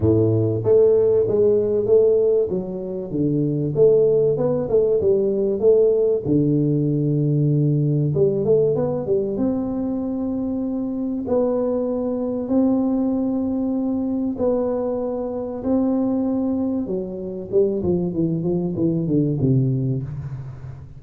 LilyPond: \new Staff \with { instrumentName = "tuba" } { \time 4/4 \tempo 4 = 96 a,4 a4 gis4 a4 | fis4 d4 a4 b8 a8 | g4 a4 d2~ | d4 g8 a8 b8 g8 c'4~ |
c'2 b2 | c'2. b4~ | b4 c'2 fis4 | g8 f8 e8 f8 e8 d8 c4 | }